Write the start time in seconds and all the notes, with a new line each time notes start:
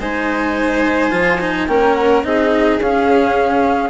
0.00 G#3 D#4 C5 G#5
1.11 F3 F4
1.41 D#4
1.68 A#3 C#4 A#4 G5
1.94 F#5
2.24 C4 D#4 G#4 D#5
2.79 C#4 F5